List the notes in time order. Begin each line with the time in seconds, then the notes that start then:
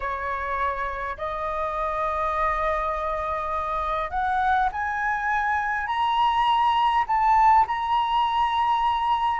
0.00 C#5
1.17 D#5
4.10 F#5
4.71 G#5
5.87 A#5
7.07 A5
7.67 A#5